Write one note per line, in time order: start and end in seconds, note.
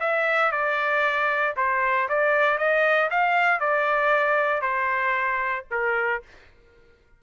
0.00 0.51 E5
0.51 1.55 D5
1.56 2.08 C5
2.09 2.58 D5
2.58 3.09 D#5
3.10 3.60 F5
3.60 4.61 D5
4.61 5.65 C5
5.71 6.22 A#4